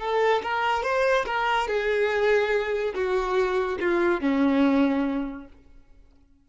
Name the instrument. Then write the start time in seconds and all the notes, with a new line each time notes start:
violin
0.00 A4
0.43 A#4
0.83 C5
1.26 A#4
1.68 G#4
2.95 F#4
3.80 F4
4.21 C#4